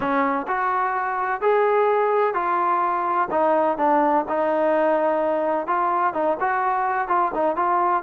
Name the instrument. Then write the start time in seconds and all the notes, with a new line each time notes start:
trombone
0.00 C#4
0.47 F#4
1.41 G#4
2.34 F4
3.30 D#4
3.77 D4
4.28 D#4
5.66 F4
6.13 D#4
6.40 F#4
7.07 F4
7.34 D#4
7.56 F4